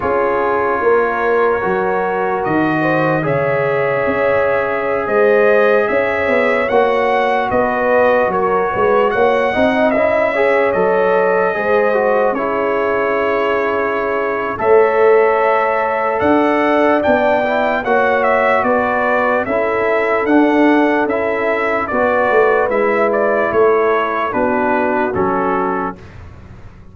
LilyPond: <<
  \new Staff \with { instrumentName = "trumpet" } { \time 4/4 \tempo 4 = 74 cis''2. dis''4 | e''2~ e''16 dis''4 e''8.~ | e''16 fis''4 dis''4 cis''4 fis''8.~ | fis''16 e''4 dis''2 cis''8.~ |
cis''2 e''2 | fis''4 g''4 fis''8 e''8 d''4 | e''4 fis''4 e''4 d''4 | e''8 d''8 cis''4 b'4 a'4 | }
  \new Staff \with { instrumentName = "horn" } { \time 4/4 gis'4 ais'2~ ais'8 c''8 | cis''2~ cis''16 c''4 cis''8.~ | cis''4~ cis''16 b'4 ais'8 b'8 cis''8 dis''16~ | dis''8. cis''4. c''4 gis'8.~ |
gis'2 cis''2 | d''2 cis''4 b'4 | a'2. b'4~ | b'4 a'4 fis'2 | }
  \new Staff \with { instrumentName = "trombone" } { \time 4/4 f'2 fis'2 | gis'1~ | gis'16 fis'2.~ fis'8 dis'16~ | dis'16 e'8 gis'8 a'4 gis'8 fis'8 e'8.~ |
e'2 a'2~ | a'4 d'8 e'8 fis'2 | e'4 d'4 e'4 fis'4 | e'2 d'4 cis'4 | }
  \new Staff \with { instrumentName = "tuba" } { \time 4/4 cis'4 ais4 fis4 dis4 | cis4 cis'4~ cis'16 gis4 cis'8 b16~ | b16 ais4 b4 fis8 gis8 ais8 c'16~ | c'16 cis'4 fis4 gis4 cis'8.~ |
cis'2 a2 | d'4 b4 ais4 b4 | cis'4 d'4 cis'4 b8 a8 | gis4 a4 b4 fis4 | }
>>